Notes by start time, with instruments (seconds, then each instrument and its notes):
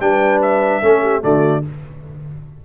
0.00 tuba G3, trombone D4, horn B4, trumpet G5
0.42 trumpet E5
0.82 tuba A3, trombone C#4, horn A4
1.02 horn G4
1.21 tuba D3, trombone A3, horn F#4, trumpet D5